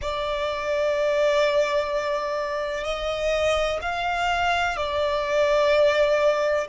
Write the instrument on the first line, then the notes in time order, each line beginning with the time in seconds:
violin
0.01 D5
2.84 D#5
3.81 F5
4.77 D5